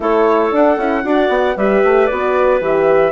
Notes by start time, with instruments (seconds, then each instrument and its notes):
0.00 bassoon A3, horn E4, clarinet A4, flute C#5
0.52 horn D4, bassoon D4, flute F#5
0.77 bassoon C#4, horn E4
1.03 bassoon D4, horn F#4, clarinet D5
1.29 bassoon B3
1.56 bassoon G3, horn G4, clarinet B4, flute E5
1.83 bassoon A3
2.06 bassoon B3, horn F#4, flute D5
2.60 bassoon E3, horn G4, flute E5